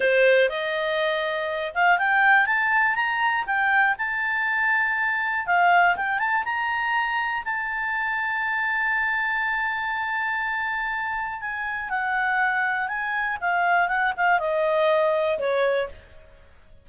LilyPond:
\new Staff \with { instrumentName = "clarinet" } { \time 4/4 \tempo 4 = 121 c''4 dis''2~ dis''8 f''8 | g''4 a''4 ais''4 g''4 | a''2. f''4 | g''8 a''8 ais''2 a''4~ |
a''1~ | a''2. gis''4 | fis''2 gis''4 f''4 | fis''8 f''8 dis''2 cis''4 | }